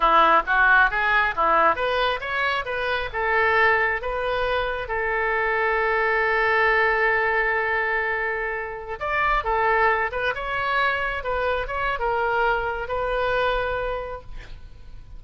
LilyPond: \new Staff \with { instrumentName = "oboe" } { \time 4/4 \tempo 4 = 135 e'4 fis'4 gis'4 e'4 | b'4 cis''4 b'4 a'4~ | a'4 b'2 a'4~ | a'1~ |
a'1~ | a'16 d''4 a'4. b'8 cis''8.~ | cis''4~ cis''16 b'4 cis''8. ais'4~ | ais'4 b'2. | }